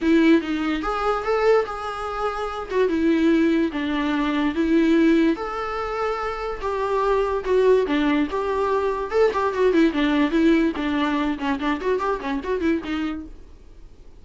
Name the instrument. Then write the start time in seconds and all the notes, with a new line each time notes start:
viola
0.01 E4
0.41 D#4
0.82 G#4
1.23 A4
1.65 G#4
2.70 F#4
2.88 E4
3.72 D4
4.54 E4
5.36 A4
6.61 G4
7.44 F#4
7.86 D4
8.30 G4
9.10 A4
9.33 G4
9.53 F#4
9.73 E4
9.93 D4
10.31 E4
10.75 D4
11.38 C#4
11.59 D4
11.80 F#4
11.99 G4
12.20 C#4
12.43 F#4
12.60 E4
12.84 D#4